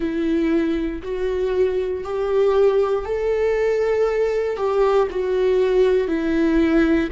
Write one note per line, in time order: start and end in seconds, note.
0.00 1.02 E4
1.02 2.03 F#4
2.03 3.05 G4
3.05 4.56 A4
4.56 5.07 G4
5.10 6.07 F#4
6.07 7.09 E4